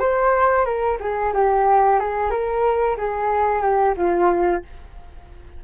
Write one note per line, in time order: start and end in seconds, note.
0.00 0.65 C5
0.65 0.98 A#4
1.00 1.33 G#4
1.34 2.00 G4
2.00 2.31 G#4
2.31 2.97 A#4
2.98 3.62 G#4
3.62 3.95 G4
3.97 4.63 F4